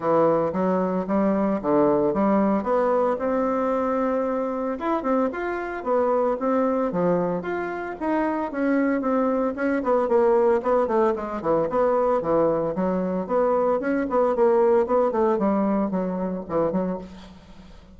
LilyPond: \new Staff \with { instrumentName = "bassoon" } { \time 4/4 \tempo 4 = 113 e4 fis4 g4 d4 | g4 b4 c'2~ | c'4 e'8 c'8 f'4 b4 | c'4 f4 f'4 dis'4 |
cis'4 c'4 cis'8 b8 ais4 | b8 a8 gis8 e8 b4 e4 | fis4 b4 cis'8 b8 ais4 | b8 a8 g4 fis4 e8 fis8 | }